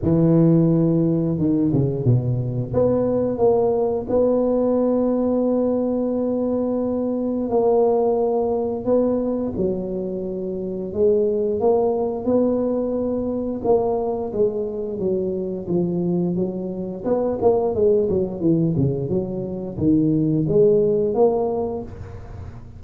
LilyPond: \new Staff \with { instrumentName = "tuba" } { \time 4/4 \tempo 4 = 88 e2 dis8 cis8 b,4 | b4 ais4 b2~ | b2. ais4~ | ais4 b4 fis2 |
gis4 ais4 b2 | ais4 gis4 fis4 f4 | fis4 b8 ais8 gis8 fis8 e8 cis8 | fis4 dis4 gis4 ais4 | }